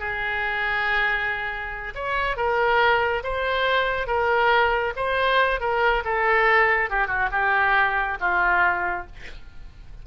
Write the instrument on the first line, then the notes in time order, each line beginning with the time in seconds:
oboe
0.00 G#4
1.95 C#5
2.37 A#4
3.24 C5
4.07 A#4
4.97 C5
5.61 A#4
6.05 A4
6.90 G4
7.08 F#4
7.32 G4
8.21 F4